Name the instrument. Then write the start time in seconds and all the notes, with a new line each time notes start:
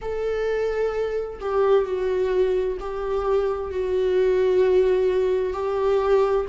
viola
0.01 A4
1.40 G4
1.85 F#4
2.79 G4
3.70 F#4
5.53 G4